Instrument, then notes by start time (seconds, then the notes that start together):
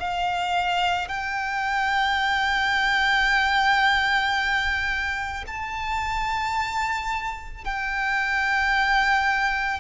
violin
0.00 F5
1.09 G5
5.47 A5
7.65 G5